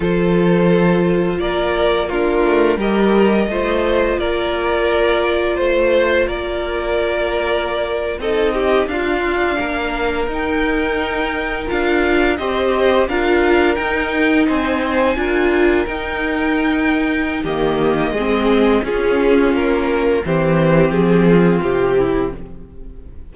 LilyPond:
<<
  \new Staff \with { instrumentName = "violin" } { \time 4/4 \tempo 4 = 86 c''2 d''4 ais'4 | dis''2 d''2 | c''4 d''2~ d''8. dis''16~ | dis''8. f''2 g''4~ g''16~ |
g''8. f''4 dis''4 f''4 g''16~ | g''8. gis''2 g''4~ g''16~ | g''4 dis''2 gis'4 | ais'4 c''4 gis'4 g'4 | }
  \new Staff \with { instrumentName = "violin" } { \time 4/4 a'2 ais'4 f'4 | ais'4 c''4 ais'2 | c''4 ais'2~ ais'8. a'16~ | a'16 g'8 f'4 ais'2~ ais'16~ |
ais'4.~ ais'16 c''4 ais'4~ ais'16~ | ais'8. c''4 ais'2~ ais'16~ | ais'4 g'4 gis'4 f'4~ | f'4 g'4. f'4 e'8 | }
  \new Staff \with { instrumentName = "viola" } { \time 4/4 f'2. d'4 | g'4 f'2.~ | f'2.~ f'8. dis'16~ | dis'8. d'2 dis'4~ dis'16~ |
dis'8. f'4 g'4 f'4 dis'16~ | dis'4.~ dis'16 f'4 dis'4~ dis'16~ | dis'4 ais4 c'4 cis'4~ | cis'4 c'2. | }
  \new Staff \with { instrumentName = "cello" } { \time 4/4 f2 ais4. a8 | g4 a4 ais2 | a4 ais2~ ais8. c'16~ | c'8. d'4 ais4 dis'4~ dis'16~ |
dis'8. d'4 c'4 d'4 dis'16~ | dis'8. c'4 d'4 dis'4~ dis'16~ | dis'4 dis4 gis4 cis'4 | ais4 e4 f4 c4 | }
>>